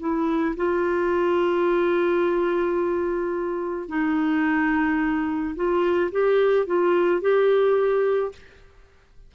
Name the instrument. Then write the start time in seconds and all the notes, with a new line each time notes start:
clarinet
0.00 E4
0.57 F4
3.89 D#4
5.56 F4
6.12 G4
6.67 F4
7.21 G4